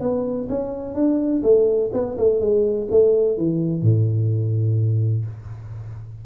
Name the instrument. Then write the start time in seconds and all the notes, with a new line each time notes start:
tuba
0.00 B3
0.49 C#4
0.94 D4
1.43 A3
1.93 B3
2.18 A3
2.40 G#3
2.90 A3
3.37 E3
3.82 A2